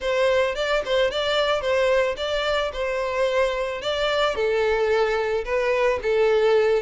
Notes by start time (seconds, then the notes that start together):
0.00 C5
0.55 D5
0.85 C5
1.10 D5
1.61 C5
2.17 D5
2.72 C5
3.81 D5
4.35 A4
5.44 B4
6.02 A4